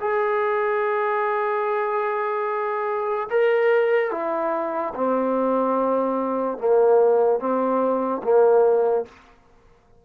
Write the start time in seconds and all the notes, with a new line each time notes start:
0.00 G#4
3.30 A#4
4.11 E4
4.95 C4
6.58 A#3
7.39 C4
8.23 A#3